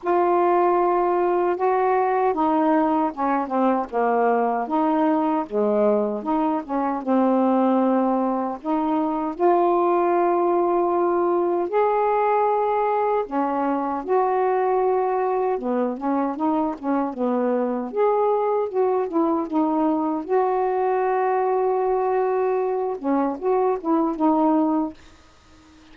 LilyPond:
\new Staff \with { instrumentName = "saxophone" } { \time 4/4 \tempo 4 = 77 f'2 fis'4 dis'4 | cis'8 c'8 ais4 dis'4 gis4 | dis'8 cis'8 c'2 dis'4 | f'2. gis'4~ |
gis'4 cis'4 fis'2 | b8 cis'8 dis'8 cis'8 b4 gis'4 | fis'8 e'8 dis'4 fis'2~ | fis'4. cis'8 fis'8 e'8 dis'4 | }